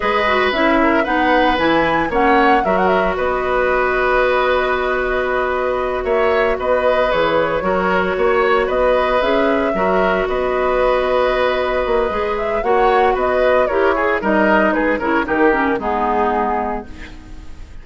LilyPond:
<<
  \new Staff \with { instrumentName = "flute" } { \time 4/4 \tempo 4 = 114 dis''4 e''4 fis''4 gis''4 | fis''4 e''16 fis''16 e''8 dis''2~ | dis''2.~ dis''8 e''8~ | e''8 dis''4 cis''2~ cis''8~ |
cis''8 dis''4 e''2 dis''8~ | dis''2.~ dis''8 e''8 | fis''4 dis''4 cis''4 dis''4 | b'8 cis''8 ais'4 gis'2 | }
  \new Staff \with { instrumentName = "oboe" } { \time 4/4 b'4. ais'8 b'2 | cis''4 ais'4 b'2~ | b'2.~ b'8 cis''8~ | cis''8 b'2 ais'4 cis''8~ |
cis''8 b'2 ais'4 b'8~ | b'1 | cis''4 b'4 ais'8 gis'8 ais'4 | gis'8 ais'8 g'4 dis'2 | }
  \new Staff \with { instrumentName = "clarinet" } { \time 4/4 gis'8 fis'8 e'4 dis'4 e'4 | cis'4 fis'2.~ | fis'1~ | fis'4. gis'4 fis'4.~ |
fis'4. gis'4 fis'4.~ | fis'2. gis'4 | fis'2 g'8 gis'8 dis'4~ | dis'8 e'8 dis'8 cis'8 b2 | }
  \new Staff \with { instrumentName = "bassoon" } { \time 4/4 gis4 cis'4 b4 e4 | ais4 fis4 b2~ | b2.~ b8 ais8~ | ais8 b4 e4 fis4 ais8~ |
ais8 b4 cis'4 fis4 b8~ | b2~ b8 ais8 gis4 | ais4 b4 e'4 g4 | gis8 cis8 dis4 gis2 | }
>>